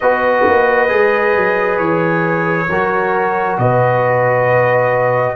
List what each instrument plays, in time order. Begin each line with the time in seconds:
0.00 tuba B3, trombone F#4, horn B4, trumpet D#5
0.46 tuba A#3
0.88 tuba G#3, trombone G#4
1.36 tuba F#3
1.78 tuba E3, trumpet C#5
2.68 tuba F#3, trombone F#4, horn A#4
3.57 tuba B2, horn B4, trumpet D#5